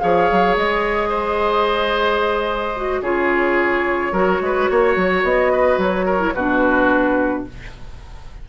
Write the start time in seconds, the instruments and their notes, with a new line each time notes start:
0.00 bassoon F3, clarinet G#4, oboe C#5, flute F5
0.31 bassoon F#3
0.57 bassoon G#3, flute D#5
1.09 oboe C5
2.76 clarinet F#4
3.02 bassoon C#3, clarinet F4, oboe G#4, flute C#5
4.12 bassoon F#3, clarinet F#4, oboe A#4
4.41 bassoon G#3, oboe B4
4.70 bassoon A#3, oboe C#5
4.96 bassoon F#3
5.23 bassoon B3, flute D#5
5.52 oboe B4
5.77 bassoon F#3, flute C#5
6.06 oboe A#4
6.18 clarinet E4
6.34 bassoon B2, clarinet D4, oboe F#4, flute B4